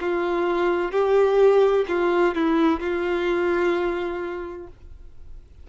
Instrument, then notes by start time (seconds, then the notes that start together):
violin
0.00 F4
0.92 G4
1.88 F4
2.34 E4
2.80 F4